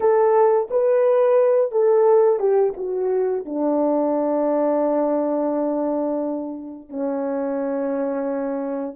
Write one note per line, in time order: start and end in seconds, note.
0.00 0.69 A4
0.70 1.71 B4
1.71 2.39 A4
2.39 2.73 G4
2.76 3.45 F#4
3.45 6.89 D4
6.89 8.95 C#4